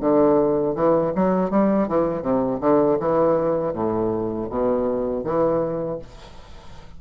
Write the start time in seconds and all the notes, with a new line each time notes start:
0.00 D3
0.75 E3
1.15 F#3
1.50 G3
1.88 E3
2.21 C3
2.60 D3
2.99 E3
3.73 A2
4.49 B2
5.24 E3